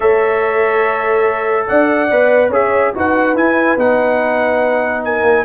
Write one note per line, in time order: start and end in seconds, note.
0.00 1.68 A3
0.00 2.09 A4
0.00 1.66 C#5
0.00 1.67 E5
1.67 2.10 D4
1.67 2.49 D5
1.67 2.51 F#5
2.10 2.49 B3
2.10 2.52 B4
2.49 2.91 C#4
2.49 2.94 G#4
2.49 2.91 C#5
2.49 2.95 E5
2.94 3.35 D#4
2.94 3.35 F#4
2.94 5.04 B4
2.94 3.36 F#5
3.35 3.77 E4
3.35 3.78 G#5
3.77 5.22 B3
3.77 5.44 D#4
3.77 5.04 F#5
5.04 5.44 A#4
5.04 5.44 G#5
5.22 5.43 A#3